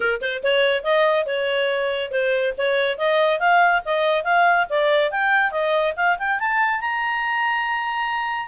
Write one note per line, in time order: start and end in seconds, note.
0.00 0.21 A#4
0.21 0.42 C5
0.43 0.83 C#5
0.83 1.26 D#5
1.26 2.11 C#5
2.11 2.53 C5
2.57 2.97 C#5
2.97 3.39 D#5
3.39 3.82 F5
3.85 4.24 D#5
4.24 4.66 F5
4.69 5.11 D5
5.11 5.51 G5
5.51 5.93 D#5
5.96 6.17 F5
6.18 6.39 G5
6.39 6.81 A5
6.81 8.48 A#5